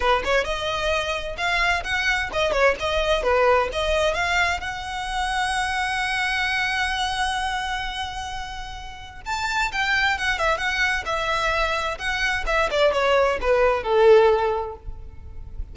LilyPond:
\new Staff \with { instrumentName = "violin" } { \time 4/4 \tempo 4 = 130 b'8 cis''8 dis''2 f''4 | fis''4 dis''8 cis''8 dis''4 b'4 | dis''4 f''4 fis''2~ | fis''1~ |
fis''1 | a''4 g''4 fis''8 e''8 fis''4 | e''2 fis''4 e''8 d''8 | cis''4 b'4 a'2 | }